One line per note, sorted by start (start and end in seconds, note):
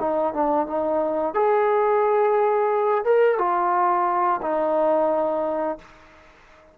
0.00 0.34 D#4
0.34 0.67 D4
0.67 1.34 D#4
1.34 3.05 G#4
3.05 3.38 A#4
3.38 4.41 F4
4.42 5.78 D#4